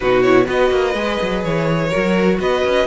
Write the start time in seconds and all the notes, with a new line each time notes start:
0.00 B2 D#4 F#4 B4
0.22 E4 C#5
0.44 B3 F#4 B4 D#5
0.70 A#3
0.94 G#3 G#4
1.21 F#3
1.44 E3 C#5
1.89 F#4 A#4
1.96 F#3
2.39 B3 B4 D#5
2.64 C#4